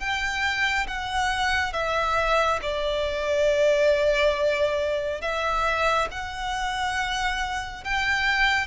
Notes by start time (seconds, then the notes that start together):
0.00 G5
0.88 F#5
1.73 E5
2.62 D5
5.22 E5
6.11 F#5
7.85 G5